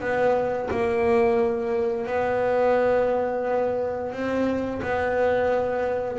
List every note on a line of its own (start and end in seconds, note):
0.00 0.69 B3
0.71 2.07 A#3
2.07 4.12 B3
4.12 4.81 C4
4.82 6.19 B3